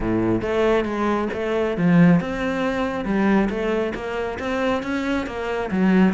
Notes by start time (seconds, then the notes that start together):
0.00 A2
0.41 A3
0.84 G#3
1.33 A3
1.77 F3
2.20 C4
3.05 G3
3.49 A3
3.94 A#3
4.39 C4
4.82 C#4
5.26 A#3
5.71 F#3